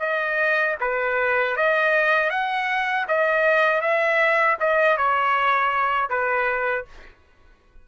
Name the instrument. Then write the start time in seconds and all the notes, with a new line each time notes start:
trumpet
0.00 D#5
0.81 B4
1.57 D#5
2.30 F#5
3.08 D#5
3.81 E5
4.61 D#5
4.97 C#5
6.10 B4